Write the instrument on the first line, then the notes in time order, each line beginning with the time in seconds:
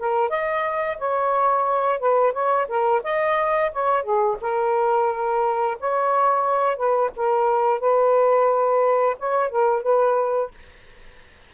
saxophone
0.00 A#4
0.30 D#5
0.99 C#5
2.00 B4
2.33 C#5
2.69 A#4
3.04 D#5
3.73 C#5
4.04 G#4
4.41 A#4
5.80 C#5
6.77 B4
7.17 A#4
7.80 B4
9.20 C#5
9.50 A#4
9.83 B4